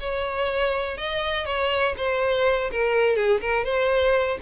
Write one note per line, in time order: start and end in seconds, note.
0.00 0.98 C#5
0.98 1.46 D#5
1.46 1.95 C#5
1.97 2.71 C5
2.72 3.16 A#4
3.16 3.40 G#4
3.41 3.65 A#4
3.65 4.38 C5